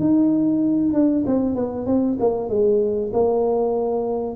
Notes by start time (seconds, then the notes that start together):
0.00 D#4
0.94 D4
1.26 C4
1.56 B3
1.87 C4
2.20 A#3
2.49 G#3
3.13 A#3